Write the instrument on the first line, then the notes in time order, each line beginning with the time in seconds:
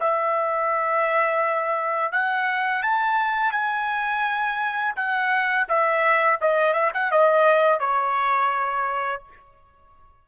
trumpet
0.00 E5
2.13 F#5
2.82 A5
3.52 G#5
4.96 F#5
5.69 E5
6.41 D#5
6.73 E5
6.94 F#5
7.12 D#5
7.80 C#5